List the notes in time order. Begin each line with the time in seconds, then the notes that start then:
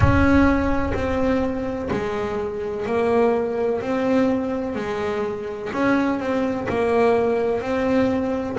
0.00 C#4
0.94 C4
1.90 G#3
2.86 A#3
3.81 C4
4.75 G#3
5.72 C#4
6.19 C4
6.68 A#3
7.61 C4